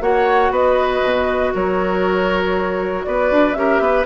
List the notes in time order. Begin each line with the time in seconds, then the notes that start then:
0.00 A#3 F#4 C#5 F#5
0.50 B3 B4 D#5
1.02 B2
1.54 F#3 A#4 C#5
3.04 B3 B4 D5
3.31 D4
3.53 C#4 G4 A#4 E5
3.79 B3 B4